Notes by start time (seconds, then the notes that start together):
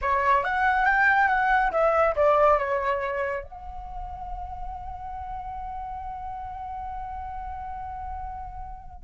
0.01 C#5
0.44 F#5
0.85 G5
1.28 F#5
1.71 E5
2.16 D5
2.58 C#5
3.44 F#5